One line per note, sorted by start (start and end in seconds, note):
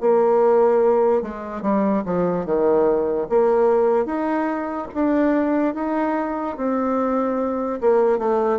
0.00 1.22 A#3
1.22 1.62 G#3
1.62 2.03 G3
2.05 2.45 F3
2.45 3.27 D#3
3.29 4.05 A#3
4.05 4.87 D#4
4.94 5.74 D4
5.74 6.56 D#4
6.56 7.80 C4
7.80 8.18 A#3
8.18 8.59 A3